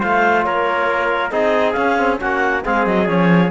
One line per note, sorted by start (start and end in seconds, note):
0.00 0.46 A3
0.00 1.31 F4
0.00 0.44 C5
0.00 0.45 F5
0.45 1.32 A#3
0.45 1.32 A#4
0.45 1.30 C#5
1.30 1.75 C4
1.30 1.75 D#4
1.30 2.20 G#4
1.30 1.72 D#5
1.72 1.97 C#4
1.72 2.20 C#4
1.72 2.16 F5
1.98 2.19 C4
2.19 2.65 A#3
2.19 2.63 C#4
2.19 2.64 F#4
2.19 2.65 F#5
2.64 2.86 G#3
2.64 3.07 C4
2.64 3.51 G#4
2.64 2.86 F5
2.86 3.08 F#3
2.86 3.07 D#5
3.07 3.51 F3
3.07 3.51 C#4
3.07 3.51 C#5